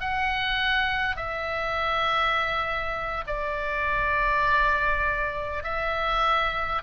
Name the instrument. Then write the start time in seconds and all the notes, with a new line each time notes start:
oboe
0.00 F#5
1.16 E5
3.27 D5
5.63 E5